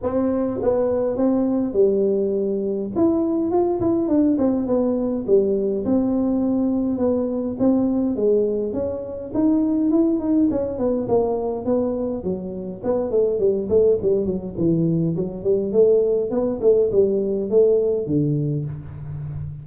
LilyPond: \new Staff \with { instrumentName = "tuba" } { \time 4/4 \tempo 4 = 103 c'4 b4 c'4 g4~ | g4 e'4 f'8 e'8 d'8 c'8 | b4 g4 c'2 | b4 c'4 gis4 cis'4 |
dis'4 e'8 dis'8 cis'8 b8 ais4 | b4 fis4 b8 a8 g8 a8 | g8 fis8 e4 fis8 g8 a4 | b8 a8 g4 a4 d4 | }